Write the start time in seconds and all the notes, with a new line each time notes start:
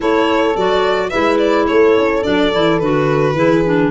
0.00 A3 E4 A4 C#5
0.56 F#3 F#4 D5
1.09 G#3 E4 B4 E5
1.38 D5
1.67 A3 A4 C#5
1.97 C#4
2.23 F#3 D4 D5
2.52 E3 E4
2.79 D3 F#4 B4
3.33 E3 E4 G#4
3.65 D4